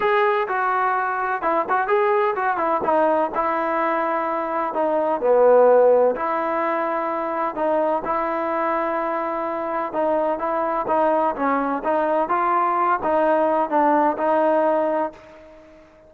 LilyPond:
\new Staff \with { instrumentName = "trombone" } { \time 4/4 \tempo 4 = 127 gis'4 fis'2 e'8 fis'8 | gis'4 fis'8 e'8 dis'4 e'4~ | e'2 dis'4 b4~ | b4 e'2. |
dis'4 e'2.~ | e'4 dis'4 e'4 dis'4 | cis'4 dis'4 f'4. dis'8~ | dis'4 d'4 dis'2 | }